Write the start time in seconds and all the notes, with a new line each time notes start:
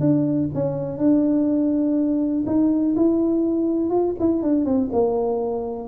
0.00 D4
0.54 C#4
0.98 D4
2.46 D#4
2.96 E4
3.90 F4
4.19 E4
4.42 D4
4.65 C4
4.92 A#3